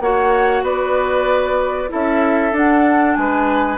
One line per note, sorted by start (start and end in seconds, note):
0.00 0.62 A#3
0.00 1.88 F#4
0.00 0.63 C#5
0.00 0.64 F#5
0.62 1.88 B3
0.62 1.89 B4
0.62 1.91 D5
1.88 2.52 C#4
1.88 2.52 E4
1.88 3.18 A4
1.88 2.55 E5
2.52 3.15 D4
2.52 3.78 D4
2.52 3.14 F#5
3.14 3.78 G#3
3.14 3.78 B4
3.14 3.77 G#5